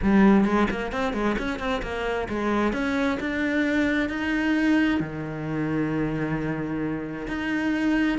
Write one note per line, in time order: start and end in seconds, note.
0.02 0.44 G3
0.44 0.67 G#3
0.70 0.92 A#3
0.92 1.13 C4
1.13 1.36 G#3
1.38 1.59 C#4
1.59 1.81 C4
1.82 2.27 A#3
2.29 2.73 G#3
2.73 3.18 C#4
3.20 4.09 D4
4.09 5.00 D#4
5.00 7.27 D#3
7.27 8.18 D#4